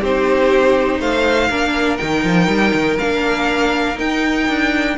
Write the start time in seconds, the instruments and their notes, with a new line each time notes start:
0.00 cello C4, viola D#4, violin G4 C5
0.99 cello A3, violin C5 F5
1.48 cello A#3, viola D4, violin A#4
1.97 cello D#3, viola D#4, violin G5
2.24 cello F3
2.47 cello G3
2.73 cello D#3
2.98 cello A#3, viola D4, violin F5
3.95 viola D#4, cello D#4, violin G5
4.48 cello D4